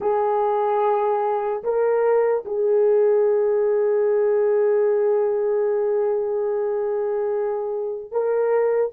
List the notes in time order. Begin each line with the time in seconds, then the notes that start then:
0.00 G#4
1.63 A#4
2.45 G#4
8.11 A#4